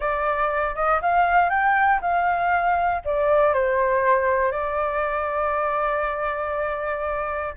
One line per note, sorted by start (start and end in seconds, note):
0.00 0.75 D5
0.75 1.00 D#5
1.01 1.49 F5
1.49 2.00 G5
2.01 3.01 F5
3.04 3.53 D5
3.53 4.51 C5
4.51 7.54 D5